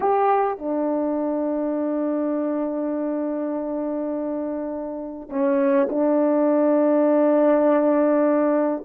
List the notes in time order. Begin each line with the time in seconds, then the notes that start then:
0.00 G4
0.58 D4
5.29 C#4
5.89 D4